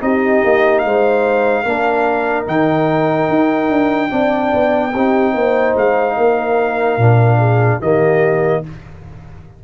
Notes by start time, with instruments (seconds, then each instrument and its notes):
0.00 tuba C4, trombone D#4, horn G4, trumpet D#5
0.44 tuba A#3
0.78 trumpet F5
0.84 tuba G#3, horn C5
1.63 tuba A#3, trombone D4, horn A#4
2.46 tuba D#3, trombone D#4, trumpet G5
3.28 tuba D#4
3.69 tuba D4
4.10 tuba C4, trombone D4, horn D5
4.53 tuba B3
4.92 tuba C4, trombone D#4, horn G4
5.34 tuba A#3, horn C5
5.76 tuba G#3, trumpet F5
6.16 tuba A#3, horn A#4
6.97 tuba A#2, trombone D4
7.38 horn G#4
7.80 tuba D#3, trombone A#3, horn G4, trumpet D#5